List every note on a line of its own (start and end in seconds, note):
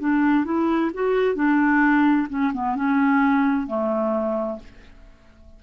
0.00 0.45 D4
0.45 0.91 E4
0.94 1.36 F#4
1.36 2.28 D4
2.30 2.53 C#4
2.54 2.76 B3
2.76 3.67 C#4
3.67 4.59 A3